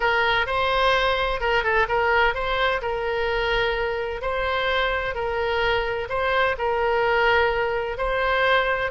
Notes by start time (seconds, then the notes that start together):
0.00 A#4
0.46 C5
1.40 A#4
1.63 A4
1.88 A#4
2.34 C5
2.81 A#4
4.21 C5
5.14 A#4
6.09 C5
6.58 A#4
7.97 C5